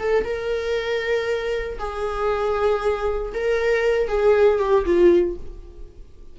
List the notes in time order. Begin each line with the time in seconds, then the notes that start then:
0.00 A4
0.25 A#4
1.79 G#4
3.34 A#4
4.08 G#4
4.59 G4
4.86 F4